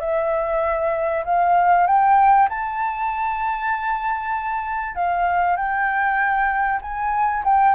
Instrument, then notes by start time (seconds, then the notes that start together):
flute
0.00 E5
1.25 F5
1.87 G5
2.49 A5
4.95 F5
5.56 G5
6.81 G#5
7.44 G5